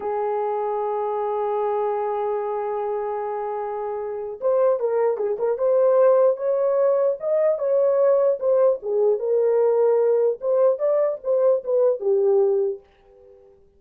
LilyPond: \new Staff \with { instrumentName = "horn" } { \time 4/4 \tempo 4 = 150 gis'1~ | gis'1~ | gis'2. c''4 | ais'4 gis'8 ais'8 c''2 |
cis''2 dis''4 cis''4~ | cis''4 c''4 gis'4 ais'4~ | ais'2 c''4 d''4 | c''4 b'4 g'2 | }